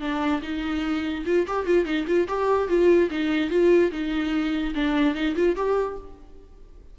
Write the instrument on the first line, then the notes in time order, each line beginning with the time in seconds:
viola
0.00 D4
0.42 D#4
1.26 F4
1.47 G4
1.66 F4
1.85 D#4
2.07 F4
2.28 G4
2.68 F4
3.10 D#4
3.50 F4
3.91 D#4
4.75 D4
5.15 D#4
5.35 F4
5.56 G4